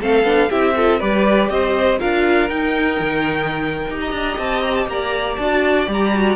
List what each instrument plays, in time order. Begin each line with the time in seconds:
0.00 cello A3, viola C4, violin A4 F5
0.23 cello B3, viola D4
0.49 cello C4, viola E4, violin G4 E5
0.76 viola F4, violin A4
0.99 cello G3, viola G4, violin B4 D5
1.49 cello C4, violin C5 D#5
1.98 cello D4, viola F4, violin A#4 F5
2.48 viola D#4, cello D#4, violin G5
2.99 cello D#3
3.88 cello D#4, viola G4
4.00 violin D#5 A#5
4.11 cello D4
4.38 cello C4, violin A5
4.62 violin A#5
4.74 violin A5
4.87 cello A#3, violin D5 A#5
5.36 cello D4, viola F#4, violin A5
5.85 cello G3, viola G4
5.92 violin A#5
6.15 viola F#4